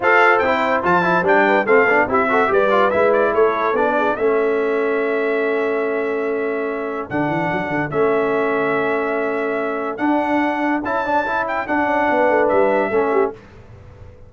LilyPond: <<
  \new Staff \with { instrumentName = "trumpet" } { \time 4/4 \tempo 4 = 144 f''4 g''4 a''4 g''4 | f''4 e''4 d''4 e''8 d''8 | cis''4 d''4 e''2~ | e''1~ |
e''4 fis''2 e''4~ | e''1 | fis''2 a''4. g''8 | fis''2 e''2 | }
  \new Staff \with { instrumentName = "horn" } { \time 4/4 c''2.~ c''8 b'8 | a'4 g'8 a'8 b'2 | a'4. gis'8 a'2~ | a'1~ |
a'1~ | a'1~ | a'1~ | a'4 b'2 a'8 g'8 | }
  \new Staff \with { instrumentName = "trombone" } { \time 4/4 a'4 e'4 f'8 e'8 d'4 | c'8 d'8 e'8 fis'8 g'8 f'8 e'4~ | e'4 d'4 cis'2~ | cis'1~ |
cis'4 d'2 cis'4~ | cis'1 | d'2 e'8 d'8 e'4 | d'2. cis'4 | }
  \new Staff \with { instrumentName = "tuba" } { \time 4/4 f'4 c'4 f4 g4 | a8 b8 c'4 g4 gis4 | a4 b4 a2~ | a1~ |
a4 d8 e8 fis8 d8 a4~ | a1 | d'2 cis'2 | d'8 cis'8 b8 a8 g4 a4 | }
>>